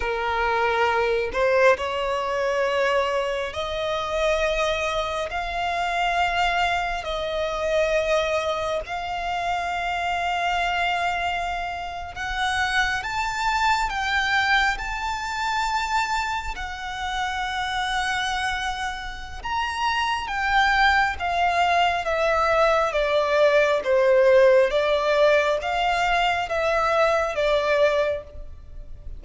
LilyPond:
\new Staff \with { instrumentName = "violin" } { \time 4/4 \tempo 4 = 68 ais'4. c''8 cis''2 | dis''2 f''2 | dis''2 f''2~ | f''4.~ f''16 fis''4 a''4 g''16~ |
g''8. a''2 fis''4~ fis''16~ | fis''2 ais''4 g''4 | f''4 e''4 d''4 c''4 | d''4 f''4 e''4 d''4 | }